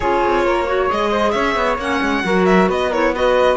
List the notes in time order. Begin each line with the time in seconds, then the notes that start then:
0.00 C#4 F4 G#4 C#5
0.25 C4
0.45 A#3 A#4
0.65 F#4 C#5
0.88 G#3 G#4 D#5
1.10 C5
1.31 C#4 C#5 E5
1.55 B3
1.77 A#3 C#4 F#5
2.01 G#3
2.23 F#3 F#4 A#4
2.45 E5
2.68 B3 B4 D#5
2.89 E4 A#4 C#5
3.13 F#4 B4 D#5